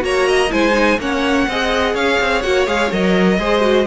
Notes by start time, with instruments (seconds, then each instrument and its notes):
0.00 cello A#3, viola F#4, violin C#5 A#5
0.28 violin D#5
0.50 cello G#3, viola E4, violin C5 G#5
0.73 viola D#4
0.99 cello A#3, viola C#4, violin C#5 F#5
1.47 cello C4, viola G#4, violin D#5
1.94 cello C#4, violin C#5 F5
2.20 cello C4
2.42 cello A#3, viola F#4, violin F#5
2.67 cello G#3, viola G#4, violin F5
2.92 cello F#3, viola A#4, violin D#5
3.39 cello G#3, viola G#4, violin C5
3.61 viola F#4